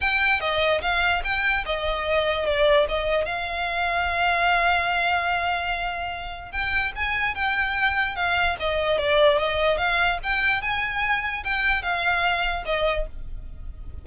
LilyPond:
\new Staff \with { instrumentName = "violin" } { \time 4/4 \tempo 4 = 147 g''4 dis''4 f''4 g''4 | dis''2 d''4 dis''4 | f''1~ | f''1 |
g''4 gis''4 g''2 | f''4 dis''4 d''4 dis''4 | f''4 g''4 gis''2 | g''4 f''2 dis''4 | }